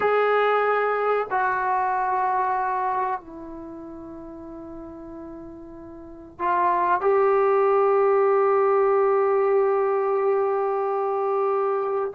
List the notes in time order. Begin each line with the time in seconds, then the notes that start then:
0.00 G#4
1.30 F#4
3.20 E4
6.39 F4
7.01 G4